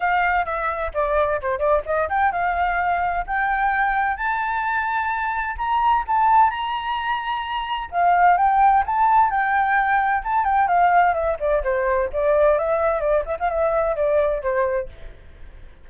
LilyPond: \new Staff \with { instrumentName = "flute" } { \time 4/4 \tempo 4 = 129 f''4 e''4 d''4 c''8 d''8 | dis''8 g''8 f''2 g''4~ | g''4 a''2. | ais''4 a''4 ais''2~ |
ais''4 f''4 g''4 a''4 | g''2 a''8 g''8 f''4 | e''8 d''8 c''4 d''4 e''4 | d''8 e''16 f''16 e''4 d''4 c''4 | }